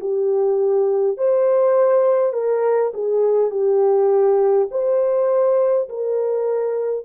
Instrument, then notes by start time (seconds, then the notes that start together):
horn
0.00 G4
1.17 C5
2.33 A#4
2.94 G#4
3.50 G4
4.71 C5
5.88 A#4